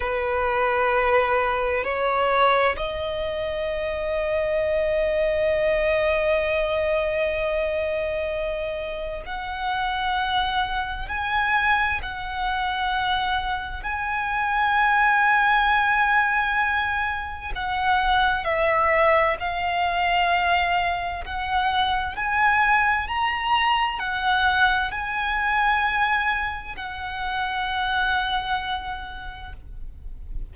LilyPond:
\new Staff \with { instrumentName = "violin" } { \time 4/4 \tempo 4 = 65 b'2 cis''4 dis''4~ | dis''1~ | dis''2 fis''2 | gis''4 fis''2 gis''4~ |
gis''2. fis''4 | e''4 f''2 fis''4 | gis''4 ais''4 fis''4 gis''4~ | gis''4 fis''2. | }